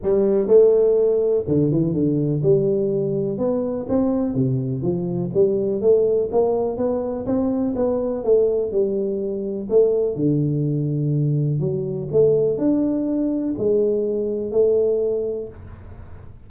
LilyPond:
\new Staff \with { instrumentName = "tuba" } { \time 4/4 \tempo 4 = 124 g4 a2 d8 e8 | d4 g2 b4 | c'4 c4 f4 g4 | a4 ais4 b4 c'4 |
b4 a4 g2 | a4 d2. | fis4 a4 d'2 | gis2 a2 | }